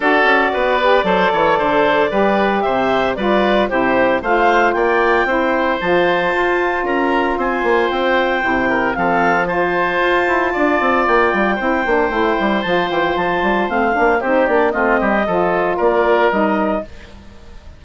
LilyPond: <<
  \new Staff \with { instrumentName = "clarinet" } { \time 4/4 \tempo 4 = 114 d''1~ | d''4 e''4 d''4 c''4 | f''4 g''2 a''4~ | a''4 ais''4 gis''4 g''4~ |
g''4 f''4 a''2~ | a''4 g''2. | a''8 g''8 a''4 f''4 c''8 d''8 | dis''2 d''4 dis''4 | }
  \new Staff \with { instrumentName = "oboe" } { \time 4/4 a'4 b'4 c''8 cis''8 c''4 | b'4 c''4 b'4 g'4 | c''4 d''4 c''2~ | c''4 ais'4 c''2~ |
c''8 ais'8 a'4 c''2 | d''2 c''2~ | c''2. g'4 | f'8 g'8 a'4 ais'2 | }
  \new Staff \with { instrumentName = "saxophone" } { \time 4/4 fis'4. g'8 a'2 | g'2 f'4 e'4 | f'2 e'4 f'4~ | f'1 |
e'4 c'4 f'2~ | f'2 e'8 d'8 e'4 | f'2 c'8 d'8 dis'8 d'8 | c'4 f'2 dis'4 | }
  \new Staff \with { instrumentName = "bassoon" } { \time 4/4 d'8 cis'8 b4 fis8 e8 d4 | g4 c4 g4 c4 | a4 ais4 c'4 f4 | f'4 cis'4 c'8 ais8 c'4 |
c4 f2 f'8 e'8 | d'8 c'8 ais8 g8 c'8 ais8 a8 g8 | f8 e8 f8 g8 a8 ais8 c'8 ais8 | a8 g8 f4 ais4 g4 | }
>>